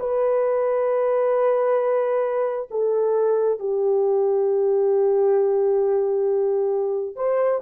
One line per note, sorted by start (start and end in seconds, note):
0.00 2.69 B4
2.71 3.59 A4
3.59 7.16 G4
7.16 7.61 C5